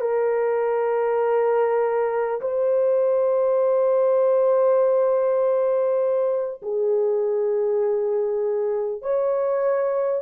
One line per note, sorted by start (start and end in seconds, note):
0.00 2.40 A#4
2.41 6.61 C5
6.62 9.01 G#4
9.01 10.21 C#5